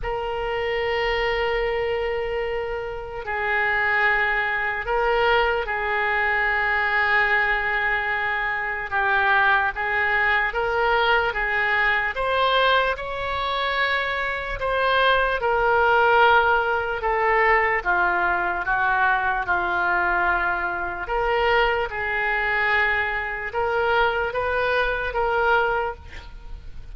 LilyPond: \new Staff \with { instrumentName = "oboe" } { \time 4/4 \tempo 4 = 74 ais'1 | gis'2 ais'4 gis'4~ | gis'2. g'4 | gis'4 ais'4 gis'4 c''4 |
cis''2 c''4 ais'4~ | ais'4 a'4 f'4 fis'4 | f'2 ais'4 gis'4~ | gis'4 ais'4 b'4 ais'4 | }